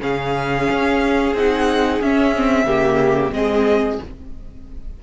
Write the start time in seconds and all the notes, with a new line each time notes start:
0.00 C#3 C#4 G#4 F5
0.70 C#4
1.33 C4 D#4 F#5
2.01 C#4 E5
2.36 C4
2.64 C#3 A#3 G4
3.32 G#3 C4 G#4 D#5